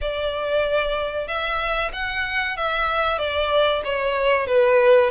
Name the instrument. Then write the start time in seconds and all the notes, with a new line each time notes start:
violin
0.01 D5
1.27 E5
1.93 F#5
2.56 E5
3.18 D5
3.84 C#5
4.47 B4